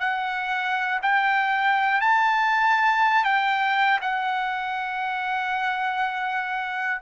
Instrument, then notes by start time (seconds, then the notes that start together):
trumpet
0.00 F#5
1.02 G5
2.01 A5
3.24 G5
4.01 F#5